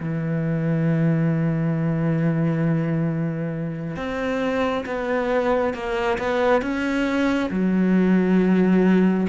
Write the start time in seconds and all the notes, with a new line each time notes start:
0.00 E3
3.96 C4
4.86 B3
5.74 A#3
6.18 B3
6.61 C#4
7.50 F#3